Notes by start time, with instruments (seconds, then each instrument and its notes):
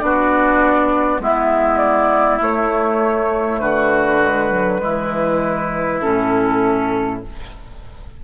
0.00 bassoon B3, clarinet D4, oboe F#4, flute D5
1.20 bassoon G#3, clarinet B3, oboe E4, flute E5
1.78 flute D5
2.41 clarinet A3, bassoon A3, flute C#5
3.60 bassoon D3, oboe F#4, flute B4
4.22 clarinet G#3
4.51 clarinet F#3
4.79 clarinet G#3, oboe E4
4.86 bassoon E3
6.02 bassoon A2, clarinet C#4, flute A4